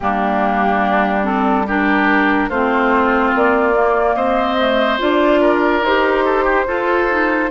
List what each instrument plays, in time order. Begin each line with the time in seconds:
0.00 bassoon G3, clarinet A#3, oboe D4, flute G4
1.23 clarinet C4, flute A4
1.66 clarinet D4, oboe G4, flute A#4
2.49 bassoon A3, clarinet C4, oboe F4, flute C5
3.34 bassoon A#3, flute D5
3.73 clarinet A#3
4.15 bassoon C4, oboe C5, flute D#5
4.57 clarinet A3
4.98 bassoon D4, clarinet F4, flute D5
5.40 oboe A#4
5.81 bassoon D#4, clarinet G4, flute C5
6.24 oboe A4
6.43 oboe G4
6.66 clarinet F4, bassoon F4, oboe A4
7.09 clarinet D#4